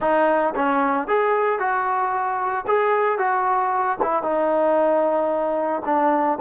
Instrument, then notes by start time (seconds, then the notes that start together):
trombone
0.00 D#4
0.55 C#4
1.07 G#4
1.59 F#4
2.67 G#4
3.18 F#4
4.02 E4
4.23 D#4
5.85 D4